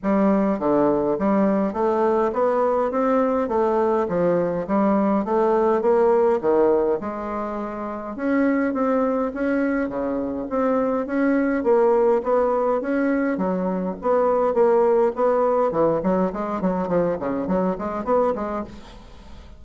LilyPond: \new Staff \with { instrumentName = "bassoon" } { \time 4/4 \tempo 4 = 103 g4 d4 g4 a4 | b4 c'4 a4 f4 | g4 a4 ais4 dis4 | gis2 cis'4 c'4 |
cis'4 cis4 c'4 cis'4 | ais4 b4 cis'4 fis4 | b4 ais4 b4 e8 fis8 | gis8 fis8 f8 cis8 fis8 gis8 b8 gis8 | }